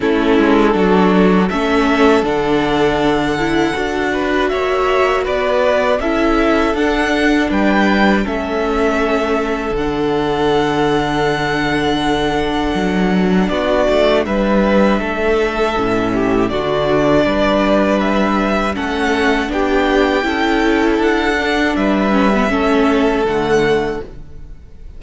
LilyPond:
<<
  \new Staff \with { instrumentName = "violin" } { \time 4/4 \tempo 4 = 80 a'2 e''4 fis''4~ | fis''2 e''4 d''4 | e''4 fis''4 g''4 e''4~ | e''4 fis''2.~ |
fis''2 d''4 e''4~ | e''2 d''2 | e''4 fis''4 g''2 | fis''4 e''2 fis''4 | }
  \new Staff \with { instrumentName = "violin" } { \time 4/4 e'4 fis'4 a'2~ | a'4. b'8 cis''4 b'4 | a'2 b'4 a'4~ | a'1~ |
a'2 fis'4 b'4 | a'4. g'8 fis'4 b'4~ | b'4 a'4 g'4 a'4~ | a'4 b'4 a'2 | }
  \new Staff \with { instrumentName = "viola" } { \time 4/4 cis'4 d'4 cis'4 d'4~ | d'8 e'8 fis'2. | e'4 d'2 cis'4~ | cis'4 d'2.~ |
d'1~ | d'4 cis'4 d'2~ | d'4 cis'4 d'4 e'4~ | e'8 d'4 cis'16 b16 cis'4 a4 | }
  \new Staff \with { instrumentName = "cello" } { \time 4/4 a8 gis8 fis4 a4 d4~ | d4 d'4 ais4 b4 | cis'4 d'4 g4 a4~ | a4 d2.~ |
d4 fis4 b8 a8 g4 | a4 a,4 d4 g4~ | g4 a4 b4 cis'4 | d'4 g4 a4 d4 | }
>>